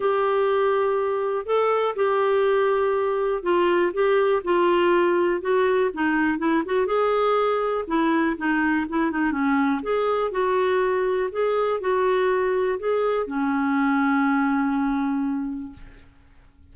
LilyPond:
\new Staff \with { instrumentName = "clarinet" } { \time 4/4 \tempo 4 = 122 g'2. a'4 | g'2. f'4 | g'4 f'2 fis'4 | dis'4 e'8 fis'8 gis'2 |
e'4 dis'4 e'8 dis'8 cis'4 | gis'4 fis'2 gis'4 | fis'2 gis'4 cis'4~ | cis'1 | }